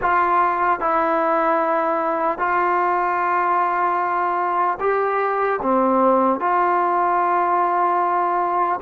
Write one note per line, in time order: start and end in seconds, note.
0.01 0.80 F4
0.80 2.38 E4
2.38 4.78 F4
4.80 5.60 G4
5.62 6.40 C4
6.40 8.80 F4